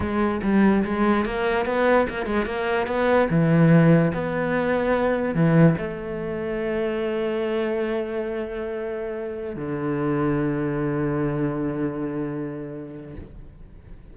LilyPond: \new Staff \with { instrumentName = "cello" } { \time 4/4 \tempo 4 = 146 gis4 g4 gis4 ais4 | b4 ais8 gis8 ais4 b4 | e2 b2~ | b4 e4 a2~ |
a1~ | a2.~ a16 d8.~ | d1~ | d1 | }